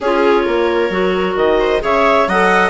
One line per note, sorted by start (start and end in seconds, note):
0.00 0.46 C#4
0.00 0.91 F4
0.00 0.44 G#4
0.00 1.36 C#5
0.44 0.89 A#3
0.44 1.58 A#4
0.89 1.35 F#3
0.89 1.80 F#4
1.36 1.81 D#3
1.36 1.82 D#5
1.59 1.82 C5
1.80 2.27 C#3
1.80 2.25 G#4
1.80 2.28 C#5
1.80 2.29 E5
2.27 2.69 F#3
2.27 2.69 A4
2.27 2.69 D#5
2.27 2.69 F#5